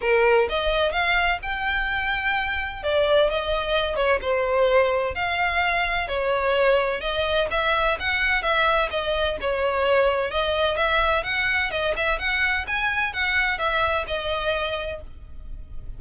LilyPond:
\new Staff \with { instrumentName = "violin" } { \time 4/4 \tempo 4 = 128 ais'4 dis''4 f''4 g''4~ | g''2 d''4 dis''4~ | dis''8 cis''8 c''2 f''4~ | f''4 cis''2 dis''4 |
e''4 fis''4 e''4 dis''4 | cis''2 dis''4 e''4 | fis''4 dis''8 e''8 fis''4 gis''4 | fis''4 e''4 dis''2 | }